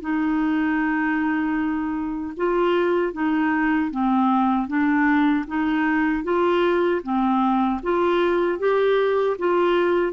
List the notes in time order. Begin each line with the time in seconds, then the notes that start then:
0.00 D#4
2.36 F4
3.12 D#4
3.91 C4
4.67 D4
5.47 D#4
6.23 F4
7.02 C4
7.82 F4
8.58 G4
9.38 F4